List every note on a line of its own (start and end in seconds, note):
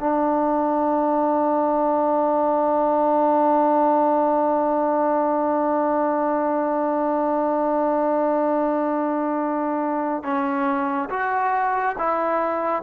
0.00 10.24 D4
10.24 11.10 C#4
11.10 11.96 F#4
11.98 12.83 E4